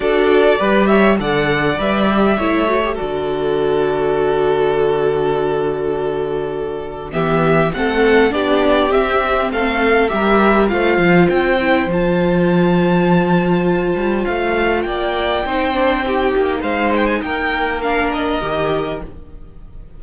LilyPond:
<<
  \new Staff \with { instrumentName = "violin" } { \time 4/4 \tempo 4 = 101 d''4. e''8 fis''4 e''4~ | e''4 d''2.~ | d''1 | e''4 fis''4 d''4 e''4 |
f''4 e''4 f''4 g''4 | a''1 | f''4 g''2. | f''8 g''16 gis''16 g''4 f''8 dis''4. | }
  \new Staff \with { instrumentName = "violin" } { \time 4/4 a'4 b'8 cis''8 d''2 | cis''4 a'2.~ | a'1 | g'4 a'4 g'2 |
a'4 ais'4 c''2~ | c''1~ | c''4 d''4 c''4 g'4 | c''4 ais'2. | }
  \new Staff \with { instrumentName = "viola" } { \time 4/4 fis'4 g'4 a'4 b'8 g'8 | e'8 fis'16 g'16 fis'2.~ | fis'1 | b4 c'4 d'4 c'4~ |
c'4 g'4 f'4. e'8 | f'1~ | f'2 dis'8 d'8 dis'4~ | dis'2 d'4 g'4 | }
  \new Staff \with { instrumentName = "cello" } { \time 4/4 d'4 g4 d4 g4 | a4 d2.~ | d1 | e4 a4 b4 c'4 |
a4 g4 a8 f8 c'4 | f2.~ f8 g8 | a4 ais4 c'4. ais8 | gis4 ais2 dis4 | }
>>